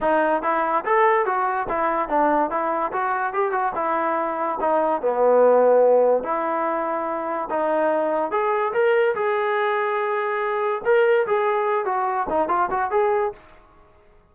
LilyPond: \new Staff \with { instrumentName = "trombone" } { \time 4/4 \tempo 4 = 144 dis'4 e'4 a'4 fis'4 | e'4 d'4 e'4 fis'4 | g'8 fis'8 e'2 dis'4 | b2. e'4~ |
e'2 dis'2 | gis'4 ais'4 gis'2~ | gis'2 ais'4 gis'4~ | gis'8 fis'4 dis'8 f'8 fis'8 gis'4 | }